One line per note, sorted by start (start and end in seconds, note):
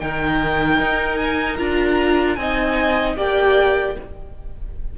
0.00 0.80 D#3
0.00 1.59 D#4
0.00 2.39 A#4
0.00 1.17 G5
0.80 1.59 D#4
1.17 1.57 G#5
1.59 2.38 D4
1.59 2.38 F4
1.59 2.35 A#5
2.35 3.17 C4
2.35 3.17 D#4
2.35 3.18 D#5
2.35 3.14 G#5
3.17 3.96 A#3
3.17 3.96 G4
3.17 3.97 D5
3.17 3.98 G5